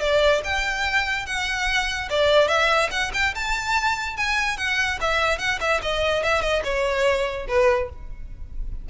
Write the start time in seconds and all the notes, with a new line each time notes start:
0.00 D5
0.44 G5
1.26 F#5
2.10 D5
2.48 E5
2.91 F#5
3.14 G5
3.34 A5
4.17 G#5
4.57 F#5
5.01 E5
5.38 F#5
5.60 E5
5.82 D#5
6.23 E5
6.41 D#5
6.64 C#5
7.48 B4